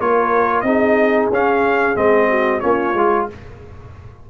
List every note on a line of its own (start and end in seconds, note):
0.00 0.63 A#3
0.00 0.66 F4
0.00 0.66 A#4
0.00 0.61 C#5
0.61 1.29 C4
0.61 1.32 D#4
0.61 2.29 G#4
0.61 1.27 D#5
1.30 1.96 C#4
1.30 1.95 C#4
1.30 1.96 F5
1.95 2.62 G#3
1.95 2.61 C4
1.95 2.60 D#5
2.29 2.62 F#4
2.60 2.94 A#3
2.60 2.94 C#4
2.60 3.27 F4
2.60 3.26 C#5
2.94 3.27 G#3
2.94 3.30 F4